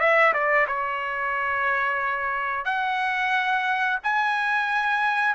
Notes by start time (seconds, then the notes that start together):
0.00 E5
0.34 D5
0.68 C#5
2.66 F#5
4.04 G#5